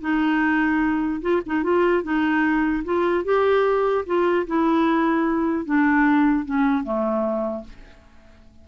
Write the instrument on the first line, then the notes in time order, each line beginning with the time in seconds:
clarinet
0.00 D#4
1.21 F4
1.46 D#4
1.63 F4
2.03 D#4
2.84 F4
3.24 G4
4.06 F4
4.46 E4
5.65 D4
6.45 C#4
6.83 A3